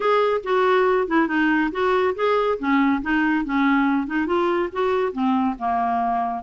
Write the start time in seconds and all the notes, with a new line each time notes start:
0.00 G#4
0.43 F#4
1.07 E4
1.27 D#4
1.71 F#4
2.15 G#4
2.58 C#4
3.01 D#4
3.44 C#4
4.06 D#4
4.26 F4
4.72 F#4
5.12 C4
5.58 A#3